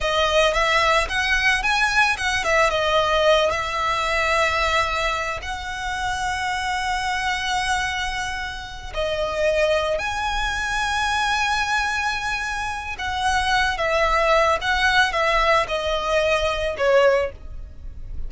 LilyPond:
\new Staff \with { instrumentName = "violin" } { \time 4/4 \tempo 4 = 111 dis''4 e''4 fis''4 gis''4 | fis''8 e''8 dis''4. e''4.~ | e''2 fis''2~ | fis''1~ |
fis''8 dis''2 gis''4.~ | gis''1 | fis''4. e''4. fis''4 | e''4 dis''2 cis''4 | }